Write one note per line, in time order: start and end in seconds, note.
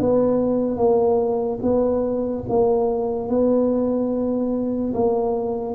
0.00 0.77 B3
0.77 1.59 A#3
1.62 2.44 B3
2.49 3.29 A#3
3.29 4.93 B3
4.94 5.75 A#3